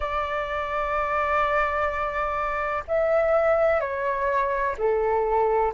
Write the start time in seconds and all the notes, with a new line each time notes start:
0.00 D5
2.87 E5
3.80 C#5
4.77 A4